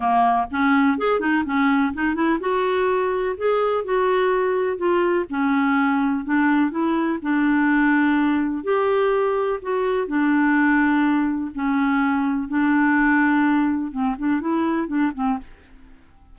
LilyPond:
\new Staff \with { instrumentName = "clarinet" } { \time 4/4 \tempo 4 = 125 ais4 cis'4 gis'8 dis'8 cis'4 | dis'8 e'8 fis'2 gis'4 | fis'2 f'4 cis'4~ | cis'4 d'4 e'4 d'4~ |
d'2 g'2 | fis'4 d'2. | cis'2 d'2~ | d'4 c'8 d'8 e'4 d'8 c'8 | }